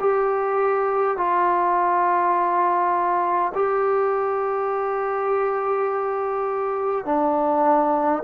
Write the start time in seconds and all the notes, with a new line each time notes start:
0.00 G4
1.17 F4
3.55 G4
7.05 D4